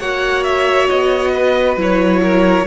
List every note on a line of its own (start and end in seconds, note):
0.00 0.89 A#3
0.00 1.78 F#4
0.00 1.32 C#5
0.00 0.44 F#5
0.44 0.88 E5
0.89 1.77 B3
0.89 1.77 D#5
1.33 2.21 B4
1.77 2.65 F#3
1.77 2.66 E4
1.77 2.67 C#5
2.23 2.67 A#4